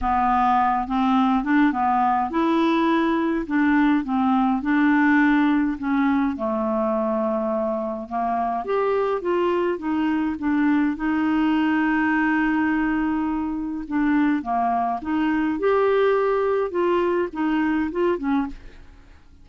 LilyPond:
\new Staff \with { instrumentName = "clarinet" } { \time 4/4 \tempo 4 = 104 b4. c'4 d'8 b4 | e'2 d'4 c'4 | d'2 cis'4 a4~ | a2 ais4 g'4 |
f'4 dis'4 d'4 dis'4~ | dis'1 | d'4 ais4 dis'4 g'4~ | g'4 f'4 dis'4 f'8 cis'8 | }